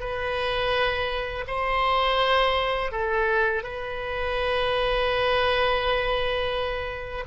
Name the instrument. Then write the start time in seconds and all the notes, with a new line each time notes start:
oboe
0.00 B4
1.47 C5
2.91 A4
3.63 B4